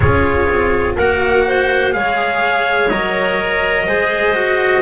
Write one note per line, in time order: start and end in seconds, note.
0.00 0.47 C#4
0.00 0.98 F4
0.00 0.95 G#4
0.00 0.95 C#5
0.48 0.96 C4
0.95 1.94 A#3
0.95 1.91 F#4
0.95 1.44 A#4
0.95 1.93 F#5
1.47 1.95 C5
1.91 2.91 G#3
1.91 2.87 G#4
1.91 3.86 C#5
1.91 2.89 F5
2.89 3.87 F#3
2.89 3.88 A#4
2.89 4.82 D#5
3.86 4.82 G#3
3.86 4.34 G#4
3.86 4.82 C5
4.34 4.82 F#4